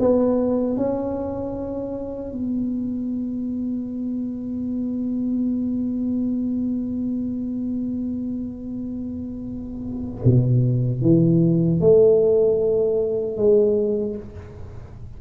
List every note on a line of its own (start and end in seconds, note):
0.00 0.77 B3
0.77 2.32 C#4
2.32 10.22 B3
10.25 11.02 B2
11.02 11.80 E3
11.80 13.37 A3
13.37 14.16 G#3